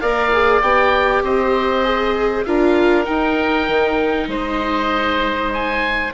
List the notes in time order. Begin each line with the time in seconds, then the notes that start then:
0.00 A#3 A#4 D5 F5
0.32 G#4
0.61 B3 G4 G5
1.22 C4 C5 D#5
1.84 G#4
2.44 D4 F4 A#4 F5
3.04 D#4 G5
3.68 D#3
4.27 G#3 C5 D#5
5.53 G#5